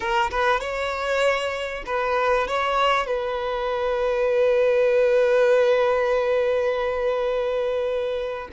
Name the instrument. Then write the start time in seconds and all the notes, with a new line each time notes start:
violin
0.00 A#4
0.30 B4
0.60 C#5
1.86 B4
2.47 C#5
3.06 B4